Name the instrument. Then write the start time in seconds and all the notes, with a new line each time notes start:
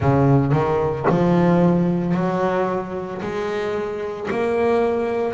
double bass
0.00 C#3
0.52 D#3
1.10 F3
2.14 F#3
3.21 G#3
4.31 A#3